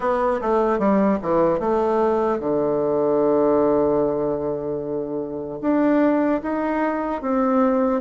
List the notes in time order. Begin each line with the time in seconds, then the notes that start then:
0.00 B3
0.41 A3
0.78 G3
1.21 E3
1.59 A3
2.39 D3
5.61 D4
6.42 D#4
7.21 C4